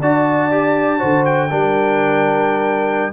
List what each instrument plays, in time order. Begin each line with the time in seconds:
0.00 tuba D4, trombone F#4, horn D5, trumpet A5
0.51 trombone G4
0.99 tuba D3, trombone F#4, horn C5
1.25 trumpet G5
1.50 tuba G3, trombone D4, horn A#4